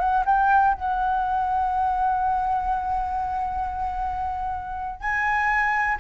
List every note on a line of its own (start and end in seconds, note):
0.00 0.24 F#5
0.26 0.75 G5
0.75 5.01 F#5
5.01 5.98 G#5